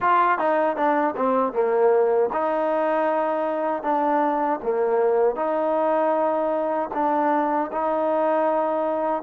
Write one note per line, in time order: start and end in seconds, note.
0.00 0.38 F4
0.38 0.76 D#4
0.76 1.15 D4
1.16 1.52 C4
1.52 2.29 A#3
2.32 3.83 D#4
3.83 4.59 D4
4.62 5.35 A#3
5.35 6.89 D#4
6.93 7.70 D4
7.72 9.22 D#4